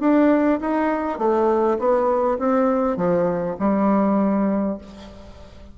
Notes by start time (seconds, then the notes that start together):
0.00 D4
0.61 D#4
1.19 A3
1.79 B3
2.39 C4
2.97 F3
3.59 G3